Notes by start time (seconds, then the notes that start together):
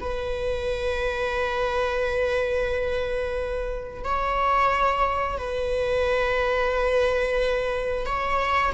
0.00 B4
4.04 C#5
5.38 B4
8.05 C#5